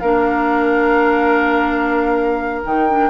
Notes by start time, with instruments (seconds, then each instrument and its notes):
0.00 bassoon A#3, clarinet D4, oboe A#4, flute F5
2.65 bassoon D#3, clarinet D#4, flute G5
2.89 clarinet D4